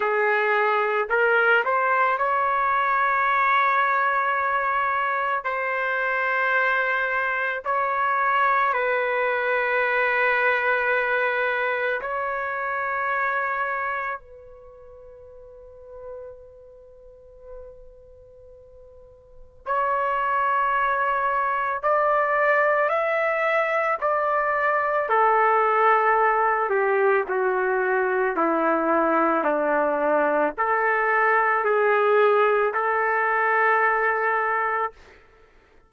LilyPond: \new Staff \with { instrumentName = "trumpet" } { \time 4/4 \tempo 4 = 55 gis'4 ais'8 c''8 cis''2~ | cis''4 c''2 cis''4 | b'2. cis''4~ | cis''4 b'2.~ |
b'2 cis''2 | d''4 e''4 d''4 a'4~ | a'8 g'8 fis'4 e'4 d'4 | a'4 gis'4 a'2 | }